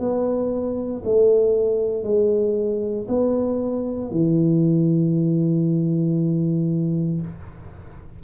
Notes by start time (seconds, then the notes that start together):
0.00 B3
1.05 A3
2.04 G#3
3.09 B3
4.12 E3